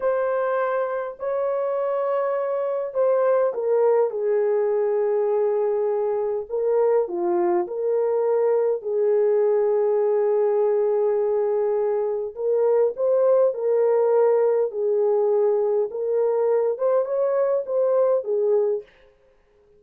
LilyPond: \new Staff \with { instrumentName = "horn" } { \time 4/4 \tempo 4 = 102 c''2 cis''2~ | cis''4 c''4 ais'4 gis'4~ | gis'2. ais'4 | f'4 ais'2 gis'4~ |
gis'1~ | gis'4 ais'4 c''4 ais'4~ | ais'4 gis'2 ais'4~ | ais'8 c''8 cis''4 c''4 gis'4 | }